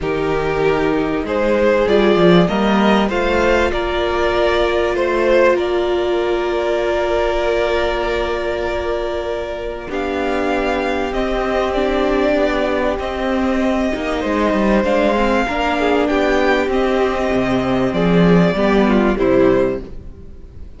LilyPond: <<
  \new Staff \with { instrumentName = "violin" } { \time 4/4 \tempo 4 = 97 ais'2 c''4 d''4 | dis''4 f''4 d''2 | c''4 d''2.~ | d''1 |
f''2 dis''4 d''4~ | d''4 dis''2. | f''2 g''4 dis''4~ | dis''4 d''2 c''4 | }
  \new Staff \with { instrumentName = "violin" } { \time 4/4 g'2 gis'2 | ais'4 c''4 ais'2 | c''4 ais'2.~ | ais'1 |
g'1~ | g'2. c''4~ | c''4 ais'8 gis'8 g'2~ | g'4 gis'4 g'8 f'8 e'4 | }
  \new Staff \with { instrumentName = "viola" } { \time 4/4 dis'2. f'4 | ais4 f'2.~ | f'1~ | f'1 |
d'2 c'4 d'4~ | d'4 c'4. dis'4. | d'8 c'8 d'2 c'4~ | c'2 b4 g4 | }
  \new Staff \with { instrumentName = "cello" } { \time 4/4 dis2 gis4 g8 f8 | g4 a4 ais2 | a4 ais2.~ | ais1 |
b2 c'2 | b4 c'4. ais8 gis8 g8 | gis4 ais4 b4 c'4 | c4 f4 g4 c4 | }
>>